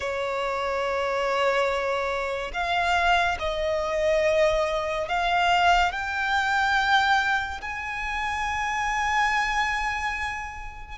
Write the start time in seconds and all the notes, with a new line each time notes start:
0.00 C#5
2.53 F5
3.39 D#5
5.08 F5
5.92 G5
7.61 G#5